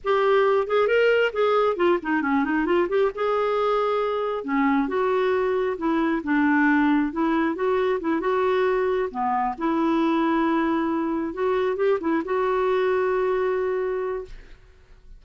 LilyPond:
\new Staff \with { instrumentName = "clarinet" } { \time 4/4 \tempo 4 = 135 g'4. gis'8 ais'4 gis'4 | f'8 dis'8 cis'8 dis'8 f'8 g'8 gis'4~ | gis'2 cis'4 fis'4~ | fis'4 e'4 d'2 |
e'4 fis'4 e'8 fis'4.~ | fis'8 b4 e'2~ e'8~ | e'4. fis'4 g'8 e'8 fis'8~ | fis'1 | }